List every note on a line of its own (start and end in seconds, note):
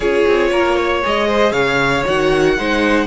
0.00 0.25 C#4
0.00 1.02 F4
0.00 0.49 G#4
0.00 1.01 C#5
0.27 0.51 C4
0.51 1.02 A#3
0.51 0.76 A#4
0.76 1.27 C#5
1.02 1.51 G#3
1.02 2.05 G#4
1.02 1.52 D#5
1.27 1.52 C5
1.51 2.03 C#3
1.51 2.54 C#5
1.51 2.03 F5
2.06 2.58 D#3
2.06 2.57 F#4
2.06 3.07 F#5
2.57 3.07 G#3
2.57 3.07 D#4
2.57 3.07 C5